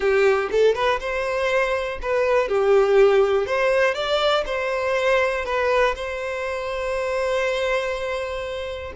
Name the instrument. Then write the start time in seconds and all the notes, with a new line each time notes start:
violin
0.00 G4
0.51 A4
0.74 B4
1.00 C5
2.02 B4
2.48 G4
3.46 C5
3.94 D5
4.46 C5
5.45 B4
5.95 C5